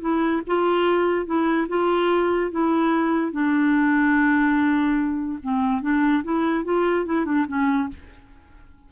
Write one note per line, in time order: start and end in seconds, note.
0.00 0.41 E4
0.46 1.25 F4
1.25 1.67 E4
1.68 2.51 F4
2.51 3.32 E4
3.32 5.38 D4
5.42 5.81 C4
5.81 6.23 D4
6.23 6.64 E4
6.64 7.05 F4
7.05 7.25 E4
7.25 7.46 D4
7.47 7.88 C#4